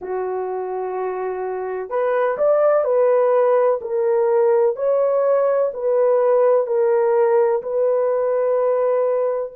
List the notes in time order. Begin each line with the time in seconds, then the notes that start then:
0.01 F#4
1.89 B4
2.37 D5
2.84 B4
3.81 A#4
4.76 C#5
5.73 B4
6.66 A#4
7.62 B4